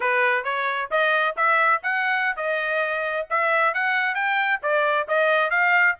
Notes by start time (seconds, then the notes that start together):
0.00 B4
0.43 C#5
0.90 D#5
1.36 E5
1.82 F#5
2.36 D#5
3.29 E5
3.73 F#5
4.14 G5
4.62 D5
5.08 D#5
5.50 F5